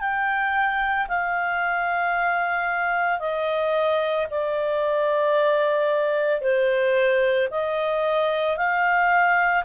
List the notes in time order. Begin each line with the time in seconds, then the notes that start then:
0.00 G5
1.08 F5
3.19 D#5
4.31 D5
6.41 C5
7.50 D#5
8.57 F5